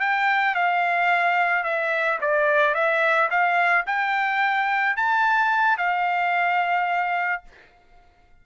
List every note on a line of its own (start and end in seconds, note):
0.00 0.55 G5
0.55 1.64 F5
1.64 2.19 E5
2.21 2.74 D5
2.74 3.29 E5
3.30 3.85 F5
3.86 4.96 G5
4.96 5.78 A5
5.78 7.43 F5